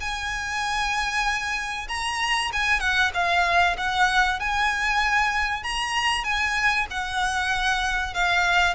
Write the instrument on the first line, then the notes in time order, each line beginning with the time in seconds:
violin
0.00 G#5
1.88 A#5
2.52 G#5
2.80 F#5
3.14 F5
3.77 F#5
4.39 G#5
5.63 A#5
6.24 G#5
6.90 F#5
8.14 F5